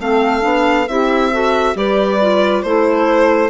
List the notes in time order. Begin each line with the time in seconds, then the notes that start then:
0.00 A3 C4 A4 F5
0.42 B3 D4
0.88 C4 E4 G4 E5
1.31 F#4 A4
1.75 G3 G4 B4 D5
2.21 F4
2.63 A3 E4 A4 C5